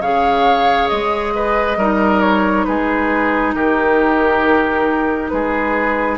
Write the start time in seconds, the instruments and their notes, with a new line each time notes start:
0.00 bassoon C#3, clarinet G#4, oboe C#5, flute F5
0.88 bassoon G#3, flute D#5
1.35 oboe B4
1.77 bassoon G3, clarinet D#4, oboe A#4
2.21 flute C#5
2.64 bassoon G#3, oboe G#4, flute B4
3.54 bassoon D#3, oboe G4, flute A#4
5.29 bassoon G#3, oboe G#4, flute B4